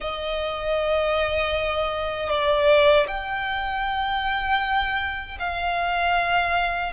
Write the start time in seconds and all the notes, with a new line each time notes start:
0.00 D#5
2.29 D5
3.07 G5
5.39 F5